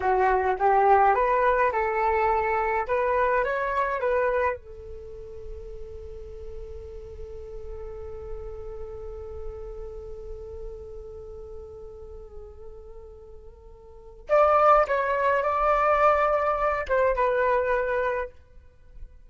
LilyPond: \new Staff \with { instrumentName = "flute" } { \time 4/4 \tempo 4 = 105 fis'4 g'4 b'4 a'4~ | a'4 b'4 cis''4 b'4 | a'1~ | a'1~ |
a'1~ | a'1~ | a'4 d''4 cis''4 d''4~ | d''4. c''8 b'2 | }